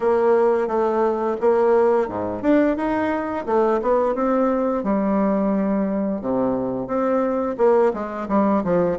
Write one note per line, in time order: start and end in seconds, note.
0.00 0.67 A#3
0.67 1.36 A3
1.40 2.08 A#3
2.08 2.42 G#2
2.42 2.76 D4
2.76 3.45 D#4
3.46 3.80 A3
3.82 4.14 B3
4.14 4.83 C4
4.83 6.21 G3
6.21 6.87 C3
6.87 7.55 C4
7.57 7.92 A#3
7.93 8.28 G#3
8.28 8.63 G3
8.64 8.98 F3